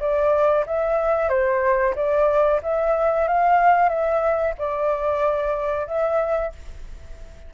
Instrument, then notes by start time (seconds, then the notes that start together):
flute
0.00 D5
0.66 E5
1.29 C5
1.96 D5
2.63 E5
3.28 F5
3.89 E5
4.58 D5
5.87 E5